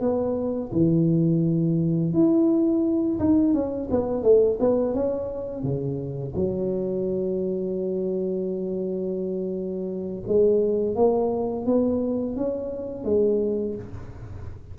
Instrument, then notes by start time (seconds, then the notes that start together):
tuba
0.00 B3
0.72 E3
2.13 E4
3.19 D#4
3.54 C#4
3.90 B3
4.23 A3
4.60 B3
4.94 C#4
5.63 C#3
6.35 F#3
10.27 G#3
10.95 A#3
11.66 B3
12.36 C#4
13.04 G#3